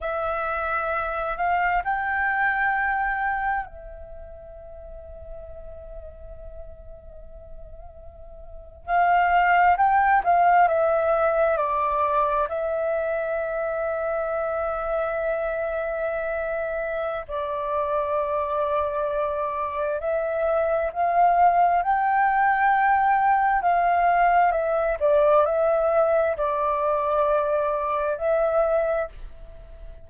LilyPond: \new Staff \with { instrumentName = "flute" } { \time 4/4 \tempo 4 = 66 e''4. f''8 g''2 | e''1~ | e''4.~ e''16 f''4 g''8 f''8 e''16~ | e''8. d''4 e''2~ e''16~ |
e''2. d''4~ | d''2 e''4 f''4 | g''2 f''4 e''8 d''8 | e''4 d''2 e''4 | }